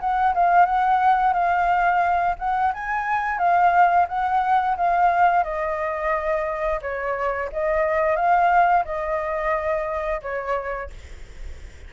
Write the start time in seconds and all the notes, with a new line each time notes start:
0.00 F#5
0.34 F5
0.66 F#5
1.34 F5
2.39 F#5
2.74 G#5
3.38 F5
4.08 F#5
4.77 F5
5.44 D#5
6.82 C#5
7.53 D#5
8.16 F5
8.85 D#5
10.22 C#5